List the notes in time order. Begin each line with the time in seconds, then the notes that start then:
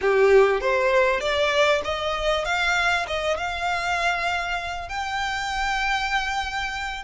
0.01 G4
0.60 C5
1.20 D5
1.84 D#5
2.44 F5
3.07 D#5
3.37 F5
4.88 G5